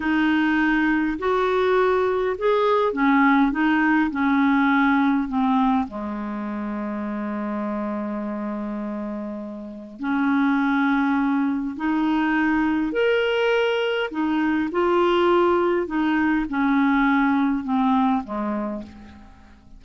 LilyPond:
\new Staff \with { instrumentName = "clarinet" } { \time 4/4 \tempo 4 = 102 dis'2 fis'2 | gis'4 cis'4 dis'4 cis'4~ | cis'4 c'4 gis2~ | gis1~ |
gis4 cis'2. | dis'2 ais'2 | dis'4 f'2 dis'4 | cis'2 c'4 gis4 | }